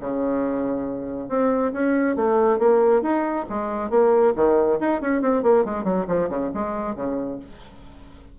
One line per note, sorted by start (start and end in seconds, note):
0.00 1.28 C#3
1.28 1.72 C4
1.73 2.16 C#4
2.16 2.59 A3
2.59 3.02 A#3
3.02 3.45 D#4
3.49 3.90 G#3
3.90 4.33 A#3
4.36 4.79 D#3
4.80 5.01 D#4
5.01 5.21 C#4
5.21 5.43 C4
5.43 5.64 A#3
5.65 5.84 G#3
5.84 6.06 F#3
6.07 6.29 F3
6.29 6.51 C#3
6.54 6.95 G#3
6.95 7.39 C#3